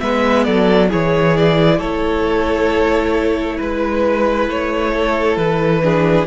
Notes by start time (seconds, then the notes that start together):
0.00 G#3 B3 B4 E5
0.44 F#3 A4 D5
0.89 E3 E4 G#4 C#5
1.38 D5
1.78 A3 A4 C#5
3.57 G#3 B4
4.49 A3 C#5
4.93 A4
5.37 E3 B4
5.83 D4 G#4